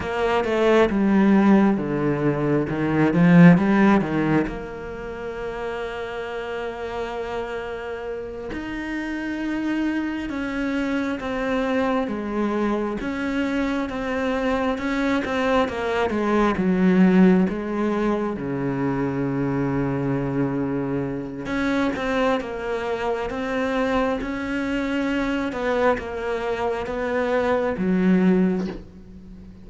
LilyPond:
\new Staff \with { instrumentName = "cello" } { \time 4/4 \tempo 4 = 67 ais8 a8 g4 d4 dis8 f8 | g8 dis8 ais2.~ | ais4. dis'2 cis'8~ | cis'8 c'4 gis4 cis'4 c'8~ |
c'8 cis'8 c'8 ais8 gis8 fis4 gis8~ | gis8 cis2.~ cis8 | cis'8 c'8 ais4 c'4 cis'4~ | cis'8 b8 ais4 b4 fis4 | }